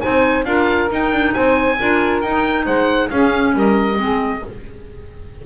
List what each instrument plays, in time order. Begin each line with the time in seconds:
0.00 double bass C4, clarinet D#4, saxophone C5, oboe G#5
0.45 double bass D4, clarinet F4, saxophone A#4, oboe F5
0.89 clarinet D#4, double bass D#4, oboe G5
1.12 double bass D4
1.33 double bass C4, saxophone C5, oboe G#5
1.79 double bass D4, clarinet F4, saxophone A#4
2.21 double bass D#4, clarinet D#4, oboe G5
2.64 double bass G#3, saxophone C5, oboe F#5
3.09 clarinet C#4, double bass C#4, saxophone G#4, oboe F5
3.54 double bass G3, saxophone A#4, oboe D#5
3.95 double bass G#3, clarinet C4, saxophone G#4